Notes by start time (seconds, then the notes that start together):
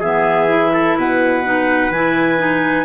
0.00 E3 B3 G#4 E5
0.49 E4
0.73 A4
0.96 B2 B4 F#5
1.44 D#4
1.90 E3 E4 G#5
2.37 D#4